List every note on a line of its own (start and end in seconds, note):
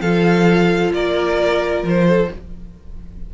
0.00 0.91 F3
0.00 2.31 F4
0.00 0.93 A4
0.00 0.92 F5
0.91 1.82 A#3
0.91 2.07 A#4
0.91 1.85 D5
1.82 2.28 F3
1.88 2.34 C5
2.07 2.30 A4